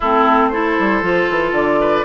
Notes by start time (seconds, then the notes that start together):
0.00 A3 C4 E4 A4
0.49 E4 A4 C5
0.79 G3
1.02 F3 F4
1.29 E3
1.51 D3 D5
1.80 B4